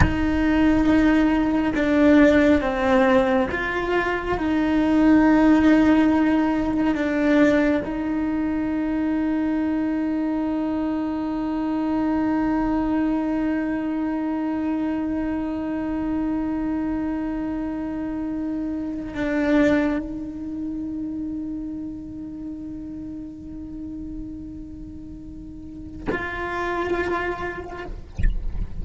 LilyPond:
\new Staff \with { instrumentName = "cello" } { \time 4/4 \tempo 4 = 69 dis'2 d'4 c'4 | f'4 dis'2. | d'4 dis'2.~ | dis'1~ |
dis'1~ | dis'2 d'4 dis'4~ | dis'1~ | dis'2 f'2 | }